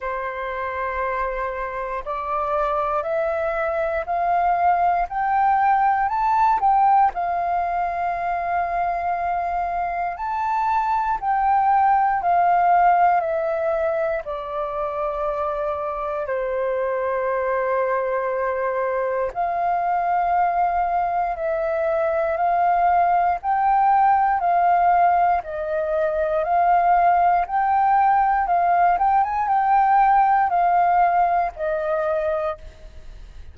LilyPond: \new Staff \with { instrumentName = "flute" } { \time 4/4 \tempo 4 = 59 c''2 d''4 e''4 | f''4 g''4 a''8 g''8 f''4~ | f''2 a''4 g''4 | f''4 e''4 d''2 |
c''2. f''4~ | f''4 e''4 f''4 g''4 | f''4 dis''4 f''4 g''4 | f''8 g''16 gis''16 g''4 f''4 dis''4 | }